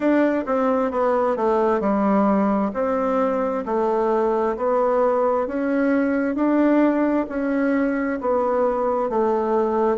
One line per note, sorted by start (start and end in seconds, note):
0.00 0.44 D4
0.45 0.91 C4
0.91 1.36 B3
1.36 1.80 A3
1.80 2.71 G3
2.73 3.64 C4
3.65 4.56 A3
4.56 5.47 B3
5.47 6.35 C#4
6.35 7.26 D4
7.29 8.19 C#4
8.20 9.09 B3
9.09 9.97 A3